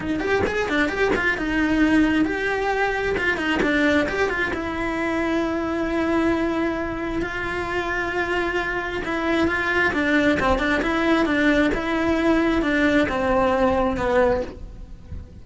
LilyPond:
\new Staff \with { instrumentName = "cello" } { \time 4/4 \tempo 4 = 133 dis'8 g'8 gis'8 d'8 g'8 f'8 dis'4~ | dis'4 g'2 f'8 dis'8 | d'4 g'8 f'8 e'2~ | e'1 |
f'1 | e'4 f'4 d'4 c'8 d'8 | e'4 d'4 e'2 | d'4 c'2 b4 | }